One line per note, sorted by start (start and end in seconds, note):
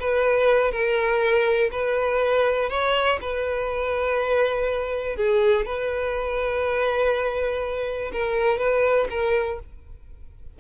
0.00 0.72 B4
0.72 1.70 A#4
1.72 2.70 B4
2.70 3.19 C#5
3.21 5.16 B4
5.16 5.66 G#4
5.66 8.12 B4
8.13 8.59 A#4
8.59 9.08 B4
9.10 9.59 A#4